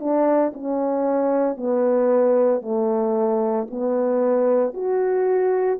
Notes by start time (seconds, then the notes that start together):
0.00 D4
0.54 C#4
1.57 B3
2.62 A3
3.71 B3
4.74 F#4